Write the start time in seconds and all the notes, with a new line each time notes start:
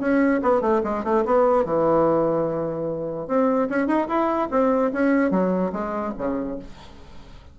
0.00 C#4
0.42 B3
0.61 A3
0.83 G#3
1.04 A3
1.25 B3
1.65 E3
3.28 C4
3.70 C#4
3.87 D#4
4.08 E4
4.51 C4
4.93 C#4
5.30 F#3
5.72 G#3
6.18 C#3